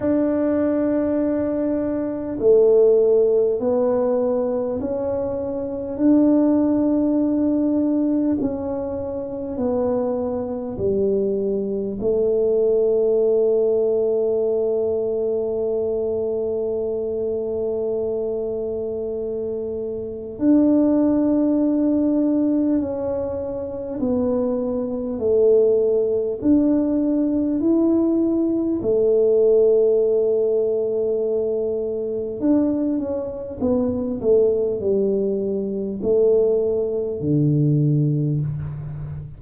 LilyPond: \new Staff \with { instrumentName = "tuba" } { \time 4/4 \tempo 4 = 50 d'2 a4 b4 | cis'4 d'2 cis'4 | b4 g4 a2~ | a1~ |
a4 d'2 cis'4 | b4 a4 d'4 e'4 | a2. d'8 cis'8 | b8 a8 g4 a4 d4 | }